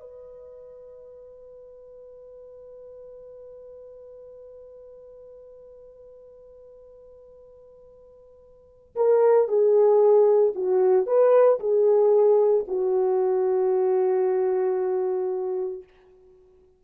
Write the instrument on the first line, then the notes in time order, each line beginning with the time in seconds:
horn
0.00 B4
8.95 A#4
9.47 G#4
10.55 F#4
11.06 B4
11.59 G#4
12.67 F#4